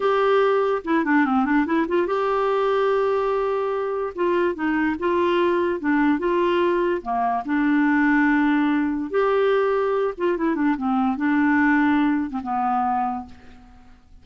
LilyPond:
\new Staff \with { instrumentName = "clarinet" } { \time 4/4 \tempo 4 = 145 g'2 e'8 d'8 c'8 d'8 | e'8 f'8 g'2.~ | g'2 f'4 dis'4 | f'2 d'4 f'4~ |
f'4 ais4 d'2~ | d'2 g'2~ | g'8 f'8 e'8 d'8 c'4 d'4~ | d'4.~ d'16 c'16 b2 | }